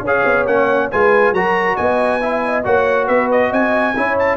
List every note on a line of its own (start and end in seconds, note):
0.00 0.22 C#4
0.00 0.90 C#5
0.06 0.47 G#4
0.06 0.46 F5
0.24 0.46 B3
0.46 0.89 A#3
0.46 0.91 C#4
0.46 0.90 F#5
0.90 1.32 G#3
0.90 1.34 F4
0.90 1.34 B4
0.90 1.33 G#5
1.32 1.76 F#3
1.32 2.21 F#4
1.32 1.76 A#4
1.32 1.76 A#5
1.76 2.65 B3
1.76 2.19 D#5
1.76 2.63 G#5
2.20 2.63 E4
2.20 2.42 E5
2.44 2.65 D#5
2.63 3.08 A#3
2.63 3.94 F#4
2.63 3.05 C#5
2.63 3.07 F#5
3.05 3.51 B3
3.05 3.48 B4
3.05 3.29 E5
3.31 3.52 D#5
3.48 3.95 C4
3.48 3.92 D#5
3.48 4.18 G#5
3.96 4.36 C#4
3.96 4.36 E4
3.96 4.36 C#5
4.18 4.36 A5